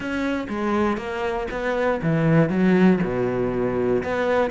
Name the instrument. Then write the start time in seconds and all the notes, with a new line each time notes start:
cello
0.00 C#4
0.48 G#3
0.97 A#3
1.50 B3
2.02 E3
2.49 F#3
3.03 B2
4.03 B3